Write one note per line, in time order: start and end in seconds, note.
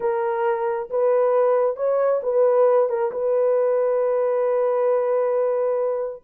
0.00 0.89 A#4
0.89 1.76 B4
1.76 2.20 C#5
2.22 2.89 B4
2.89 3.11 A#4
3.11 6.22 B4